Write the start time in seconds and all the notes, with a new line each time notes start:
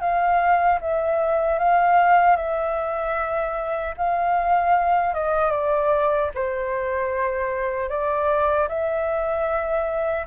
0.00 F5
0.80 E5
1.58 F5
2.36 E5
3.97 F5
5.14 D#5
5.51 D5
6.34 C5
7.89 D5
8.68 E5